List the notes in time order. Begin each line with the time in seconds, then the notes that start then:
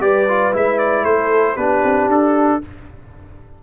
0.00 G3 G4 B4 D5
0.28 F4
0.52 G#3 E4 E5
0.78 D5
1.04 A3 A4 C5
1.56 B3 D4 G4 B4
1.83 C4
2.06 D4 A4